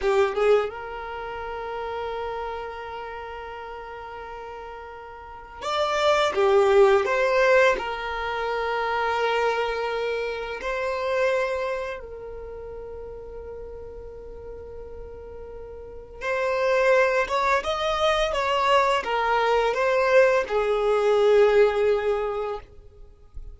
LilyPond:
\new Staff \with { instrumentName = "violin" } { \time 4/4 \tempo 4 = 85 g'8 gis'8 ais'2.~ | ais'1 | d''4 g'4 c''4 ais'4~ | ais'2. c''4~ |
c''4 ais'2.~ | ais'2. c''4~ | c''8 cis''8 dis''4 cis''4 ais'4 | c''4 gis'2. | }